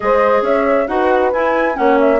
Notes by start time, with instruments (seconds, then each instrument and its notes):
0.00 bassoon G#3, clarinet G#4, horn C5, flute D#5
0.42 bassoon C#4, horn C#5, flute E5
0.87 bassoon D#4, clarinet F#4, horn B4, flute F#5
1.33 bassoon E4, clarinet E4, flute G#5
1.74 bassoon A#3, clarinet C#4, horn C#5, flute F#5
2.00 flute E5